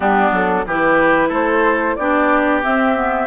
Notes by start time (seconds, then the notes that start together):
0.00 G3 B3 D4 G4
0.31 F#3 A4
0.66 E3 E4 G4 B4
1.28 A3 A4 C5
1.95 B3 D4 G4 D5
2.62 C4 E5
2.95 B3